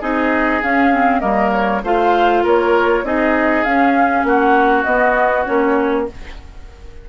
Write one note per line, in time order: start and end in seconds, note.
0.00 0.62 C4
0.00 0.61 D#4
0.00 1.21 G#4
0.00 0.61 D#5
0.62 1.23 C#4
0.62 0.92 C#4
0.62 1.19 F5
0.92 1.20 C4
1.19 1.83 G3
1.19 1.81 A#3
1.19 1.81 A#4
1.19 1.50 D#5
1.52 1.82 C#5
1.83 2.43 A3
1.83 3.04 F4
1.83 2.43 C5
1.83 2.45 F5
2.43 3.03 A#3
2.43 3.04 A#4
2.43 3.05 C#5
3.03 3.64 C4
3.03 3.65 D#4
3.03 4.27 G#4
3.03 3.64 D#5
3.64 4.23 C#4
3.64 4.86 C#4
3.64 4.24 F5
4.23 4.84 A#3
4.23 6.08 F#4
4.23 4.84 F#5
4.84 5.46 B3
4.84 5.44 D#5
5.45 6.09 A#3
5.45 6.06 C#4
5.45 6.06 C#5